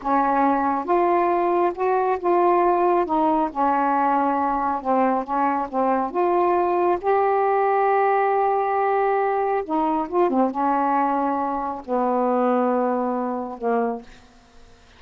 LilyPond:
\new Staff \with { instrumentName = "saxophone" } { \time 4/4 \tempo 4 = 137 cis'2 f'2 | fis'4 f'2 dis'4 | cis'2. c'4 | cis'4 c'4 f'2 |
g'1~ | g'2 dis'4 f'8 c'8 | cis'2. b4~ | b2. ais4 | }